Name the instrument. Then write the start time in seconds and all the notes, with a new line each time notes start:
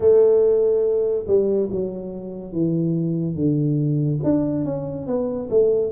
tuba
0.00 A3
1.27 G3
1.71 F#3
2.52 E3
3.35 D3
4.23 D4
4.64 C#4
5.06 B3
5.50 A3